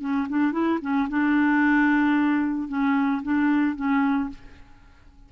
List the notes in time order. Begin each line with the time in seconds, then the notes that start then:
0.00 C#4
0.29 D4
0.52 E4
0.81 C#4
1.09 D4
2.68 C#4
3.22 D4
3.75 C#4